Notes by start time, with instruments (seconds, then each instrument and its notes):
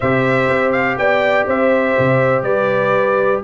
0.00 tuba C3, trombone G4, horn C5, trumpet E5
0.49 tuba C4
0.72 trumpet F5
0.97 tuba B3, horn D5, trumpet G5
1.46 tuba C4, horn C5, trumpet E5
1.98 tuba C3
2.42 tuba G3, horn B4, trumpet D5